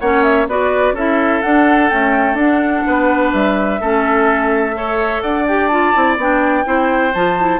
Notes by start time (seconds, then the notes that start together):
0.00 A#3 C#4 C#5 F#5
0.24 E5
0.47 B3 F#4 B4 D5
0.93 C#4 E4 A4 E5
1.42 D4 F#5
1.89 A3 C#4 G5
2.34 D4 F#5
2.87 B3 B4
3.33 G3 E5
3.81 A3 C#4 A4
4.74 A4 C#5
5.22 D4 D5 F#5
5.48 G4 G5
5.68 F4 A5
5.94 C4 E4
6.17 B3 D4 G5
6.65 C4 E4 C5
7.14 F3 F4 A5
7.39 E4